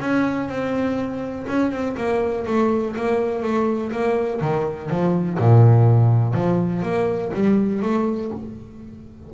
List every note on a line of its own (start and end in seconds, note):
0.00 0.49 C#4
0.49 1.46 C4
1.48 1.72 C#4
1.72 1.96 C4
1.97 2.46 A#3
2.47 2.96 A3
2.96 3.43 A#3
3.43 3.92 A3
3.92 4.41 A#3
4.41 4.90 D#3
4.90 5.39 F3
5.39 6.34 A#2
6.34 6.83 F3
6.83 7.32 A#3
7.34 7.82 G3
7.82 8.31 A3